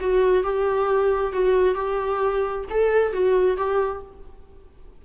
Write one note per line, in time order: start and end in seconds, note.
0.00 0.43 F#4
0.43 1.32 G4
1.32 1.74 F#4
1.74 2.64 G4
2.70 3.12 A4
3.12 3.57 F#4
3.57 4.02 G4